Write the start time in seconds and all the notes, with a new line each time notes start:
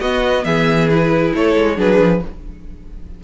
0.00 B3 F#4 D#5
0.44 E3 G#4 E5
0.89 E4 B4
1.34 A3 A4 C#5
1.55 G#3
1.75 F#3 D4 G#4 B4
1.99 F3